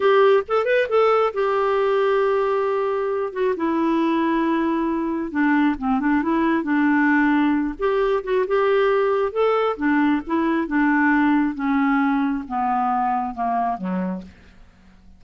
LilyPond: \new Staff \with { instrumentName = "clarinet" } { \time 4/4 \tempo 4 = 135 g'4 a'8 b'8 a'4 g'4~ | g'2.~ g'8 fis'8 | e'1 | d'4 c'8 d'8 e'4 d'4~ |
d'4. g'4 fis'8 g'4~ | g'4 a'4 d'4 e'4 | d'2 cis'2 | b2 ais4 fis4 | }